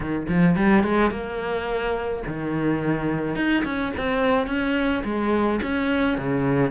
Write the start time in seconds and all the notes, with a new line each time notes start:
0.00 D#3
0.28 F3
0.56 G3
0.83 G#3
1.11 A#3
2.27 D#3
3.35 D#4
3.64 C#4
3.97 C4
4.46 C#4
5.04 G#3
5.62 C#4
6.18 C#3